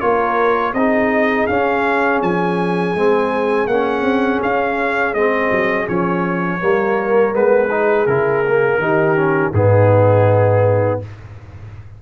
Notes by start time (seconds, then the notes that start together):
0.00 A#3 F4 A#4 C#5
0.74 C4 D#4 G#4 D#5
1.47 C#4 F5
2.22 F3 G#5
2.95 G#3 C4
3.67 A#3 C#4 F#5
4.02 C4
4.42 C#4 F5
5.14 G#3 C4 D#5
5.51 F#3
5.87 F3 C#4 C#5
6.60 G3 A#3 A#4
7.32 G#3 B3 B4
7.71 D#4 G#4
8.06 C#3 E4 A#4
8.47 A#3
8.78 D#3 D#4 G4
9.16 C#4
9.54 G#2 B3 D#4 G#4